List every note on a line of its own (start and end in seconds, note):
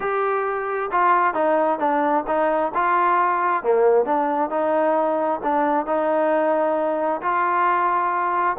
0.00 0.90 G4
0.91 1.34 F4
1.34 1.79 D#4
1.79 2.24 D4
2.27 2.72 D#4
2.74 3.63 F4
3.63 4.05 A#3
4.05 4.50 D4
4.50 5.40 D#4
5.43 5.85 D4
5.85 7.21 D#4
7.21 8.57 F4